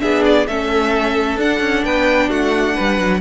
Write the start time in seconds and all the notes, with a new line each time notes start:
0.00 B3 D4 G#4 E5
0.25 D5
0.47 A3 C#4 A4 E5
1.37 D4 F#5
1.60 C#4
1.84 B3 B4 G5
2.28 A3 F#4 F#5
2.74 G3 B4
2.99 F#3